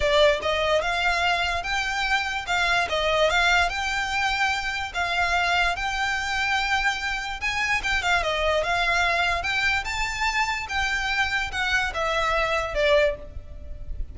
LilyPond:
\new Staff \with { instrumentName = "violin" } { \time 4/4 \tempo 4 = 146 d''4 dis''4 f''2 | g''2 f''4 dis''4 | f''4 g''2. | f''2 g''2~ |
g''2 gis''4 g''8 f''8 | dis''4 f''2 g''4 | a''2 g''2 | fis''4 e''2 d''4 | }